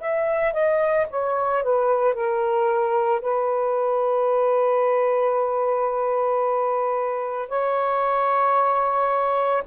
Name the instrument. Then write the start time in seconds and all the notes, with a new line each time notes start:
saxophone
0.00 E5
0.53 D#5
1.10 C#5
1.63 B4
2.14 A#4
3.21 B4
7.49 C#5